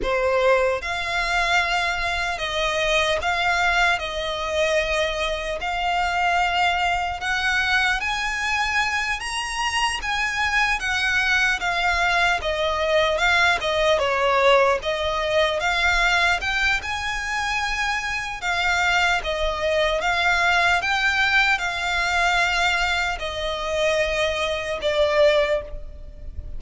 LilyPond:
\new Staff \with { instrumentName = "violin" } { \time 4/4 \tempo 4 = 75 c''4 f''2 dis''4 | f''4 dis''2 f''4~ | f''4 fis''4 gis''4. ais''8~ | ais''8 gis''4 fis''4 f''4 dis''8~ |
dis''8 f''8 dis''8 cis''4 dis''4 f''8~ | f''8 g''8 gis''2 f''4 | dis''4 f''4 g''4 f''4~ | f''4 dis''2 d''4 | }